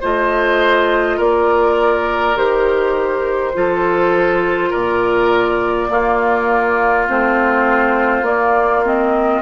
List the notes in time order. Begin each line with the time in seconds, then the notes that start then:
0.00 A3 F4 C5 D#5
1.17 A#3 A#4 D5
2.36 D#3 G4 C5
3.54 F3 F4 A4
4.70 A#2 A#4 D5
5.89 A#3 F4
7.09 A3 C4 C5
8.22 A#3 D5
8.85 C4 D#5